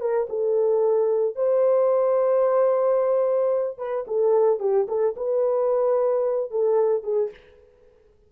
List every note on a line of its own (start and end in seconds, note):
0.00 0.27 A#4
0.29 1.35 A4
1.35 3.78 C5
3.78 4.05 B4
4.07 4.59 A4
4.59 4.86 G4
4.87 5.14 A4
5.16 6.50 B4
6.50 7.03 A4
7.03 7.30 G#4